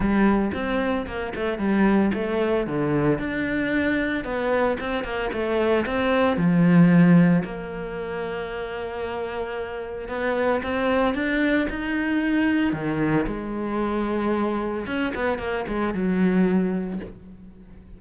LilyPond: \new Staff \with { instrumentName = "cello" } { \time 4/4 \tempo 4 = 113 g4 c'4 ais8 a8 g4 | a4 d4 d'2 | b4 c'8 ais8 a4 c'4 | f2 ais2~ |
ais2. b4 | c'4 d'4 dis'2 | dis4 gis2. | cis'8 b8 ais8 gis8 fis2 | }